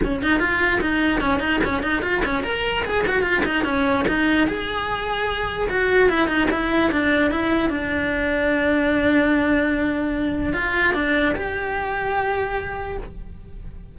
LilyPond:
\new Staff \with { instrumentName = "cello" } { \time 4/4 \tempo 4 = 148 cis'8 dis'8 f'4 dis'4 cis'8 dis'8 | cis'8 dis'8 f'8 cis'8 ais'4 gis'8 fis'8 | f'8 dis'8 cis'4 dis'4 gis'4~ | gis'2 fis'4 e'8 dis'8 |
e'4 d'4 e'4 d'4~ | d'1~ | d'2 f'4 d'4 | g'1 | }